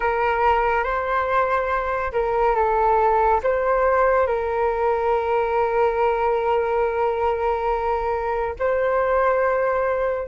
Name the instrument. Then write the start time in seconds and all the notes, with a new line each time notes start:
flute
0.00 A#4
0.83 C5
2.12 A#4
2.55 A4
3.43 C5
4.26 A#4
8.59 C5